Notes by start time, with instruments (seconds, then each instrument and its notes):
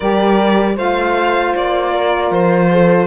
0.00 cello G3, saxophone G4, horn A#4, violin D5
0.76 cello A3, saxophone F4, horn C5, violin F5
1.55 cello A#3, violin D5
1.91 horn A#4
2.30 cello F3, violin C5
2.71 horn A4